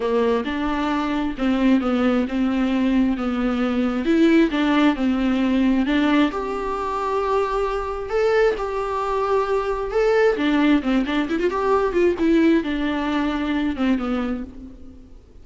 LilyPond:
\new Staff \with { instrumentName = "viola" } { \time 4/4 \tempo 4 = 133 ais4 d'2 c'4 | b4 c'2 b4~ | b4 e'4 d'4 c'4~ | c'4 d'4 g'2~ |
g'2 a'4 g'4~ | g'2 a'4 d'4 | c'8 d'8 e'16 f'16 g'4 f'8 e'4 | d'2~ d'8 c'8 b4 | }